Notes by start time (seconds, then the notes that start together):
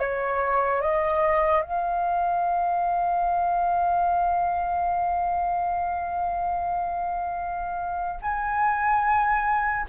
0.00 C#5
0.82 D#5
1.63 F5
8.22 G#5